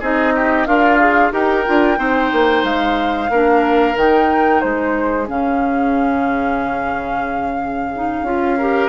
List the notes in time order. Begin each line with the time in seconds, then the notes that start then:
0.00 C4 D#4 G#4 D#5
0.35 G4
0.66 D4 F4 A#4 F5
1.00 G#4
1.31 D#4 G4 A#4 G5
1.65 D4 F4
1.96 C4 D#4 C5
2.32 A#3
2.63 G#3 F5
3.29 A#3 D4 A#4
3.95 D#3 D#4 G5
4.60 G#3 G#4 C5
5.26 C#3 C#4 F5
7.95 D#4
8.22 C#4 F4
8.57 G4 A#4